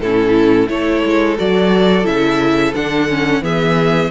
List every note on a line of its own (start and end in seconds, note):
0.00 0.68 A2
0.00 0.68 C#4
0.00 0.70 E4
0.00 0.69 A4
0.68 1.03 A3
0.68 1.36 E4
0.68 3.43 A4
0.68 1.38 C#5
1.05 1.39 G#3
1.38 2.06 F#3
1.38 2.04 F#4
1.38 2.06 D5
2.04 2.74 C#3
2.04 2.72 E4
2.04 2.74 E5
2.75 3.41 D3
2.75 3.10 D4
2.75 3.44 F#5
3.10 3.42 C#4
3.41 4.10 E3
3.41 4.10 B3
3.41 4.11 G#4
3.41 4.11 E5